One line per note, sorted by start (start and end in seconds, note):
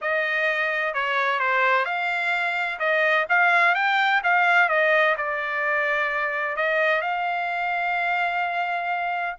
0.01 0.94 D#5
0.94 1.39 C#5
1.39 1.85 C5
1.85 2.78 F5
2.79 3.26 D#5
3.29 3.74 F5
3.74 4.21 G5
4.23 4.68 F5
4.68 5.15 D#5
5.17 6.56 D5
6.56 7.01 D#5
7.01 9.36 F5